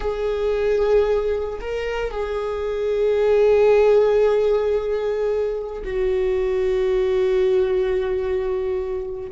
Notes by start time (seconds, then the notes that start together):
0.00 G#4
1.60 A#4
2.11 G#4
5.84 F#4